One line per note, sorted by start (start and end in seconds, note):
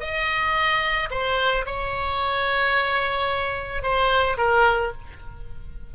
0.00 1.09 D#5
1.11 1.65 C5
1.66 3.83 C#5
3.83 4.37 C5
4.38 4.92 A#4